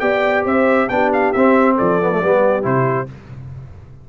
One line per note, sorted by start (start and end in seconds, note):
0.00 0.45 B3
0.00 0.88 G4
0.00 0.45 D5
0.00 0.44 G5
0.45 0.89 C4
0.45 0.89 C5
0.45 0.89 E5
0.89 1.34 B3
0.89 1.34 D4
0.89 1.75 G4
0.89 1.11 G5
1.13 1.33 F5
1.33 1.79 C4
1.33 2.02 C4
1.33 1.76 E5
1.75 2.24 F3
1.75 2.19 A4
1.75 2.65 D5
2.02 2.11 B3
2.11 2.22 A3
2.21 2.65 G3
2.21 2.63 B3
2.21 3.08 G4
2.63 3.09 C3
2.63 3.06 E4
2.63 3.09 C5